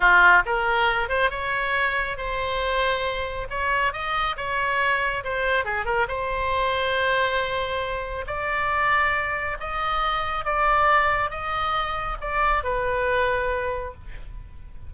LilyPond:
\new Staff \with { instrumentName = "oboe" } { \time 4/4 \tempo 4 = 138 f'4 ais'4. c''8 cis''4~ | cis''4 c''2. | cis''4 dis''4 cis''2 | c''4 gis'8 ais'8 c''2~ |
c''2. d''4~ | d''2 dis''2 | d''2 dis''2 | d''4 b'2. | }